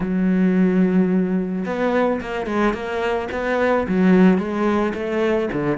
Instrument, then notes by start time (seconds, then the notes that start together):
cello
0.00 F#3
1.65 B3
2.21 A#3
2.46 G#3
2.73 A#3
3.31 B3
3.88 F#3
4.38 G#3
4.94 A3
5.52 D3